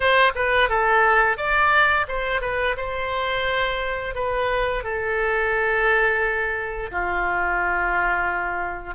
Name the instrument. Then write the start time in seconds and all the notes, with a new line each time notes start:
oboe
0.00 C5
0.35 B4
0.69 A4
1.37 D5
2.08 C5
2.41 B4
2.76 C5
4.14 B4
4.83 A4
6.91 F4